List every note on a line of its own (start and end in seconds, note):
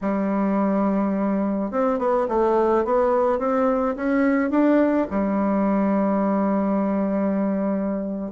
0.01 1.71 G3
1.71 1.99 C4
1.99 2.27 B3
2.28 2.85 A3
2.85 3.38 B3
3.38 3.95 C4
3.96 4.50 C#4
4.50 5.07 D4
5.10 8.32 G3